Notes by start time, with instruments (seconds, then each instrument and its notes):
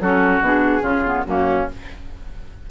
0.00 bassoon F#3, clarinet C#4, oboe F#4, flute A4
0.40 bassoon B2, clarinet D4, flute G#4
0.81 bassoon C#3, clarinet C#4, oboe F4
1.05 clarinet B3
1.24 bassoon F#2, clarinet A#3, oboe C#4, flute F#4